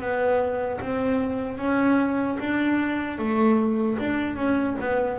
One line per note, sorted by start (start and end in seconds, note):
0.00 0.80 B3
0.80 1.58 C4
1.58 2.38 C#4
2.39 3.18 D4
3.18 3.98 A3
3.98 4.36 D4
4.36 4.76 C#4
4.80 5.19 B3